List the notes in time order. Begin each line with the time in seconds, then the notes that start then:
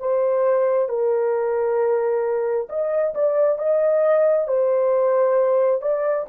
0.00 C5
0.89 A#4
2.69 D#5
3.14 D5
3.59 D#5
4.48 C5
5.82 D5